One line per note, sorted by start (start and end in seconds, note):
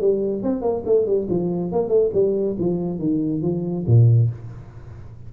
0.00 0.42 G3
0.42 0.61 C4
0.61 0.83 A#3
0.85 1.06 A3
1.06 1.27 G3
1.29 1.72 F3
1.72 1.88 A#3
1.88 2.10 A3
2.13 2.56 G3
2.59 2.99 F3
2.99 3.42 D#3
3.42 3.85 F3
3.87 4.30 A#2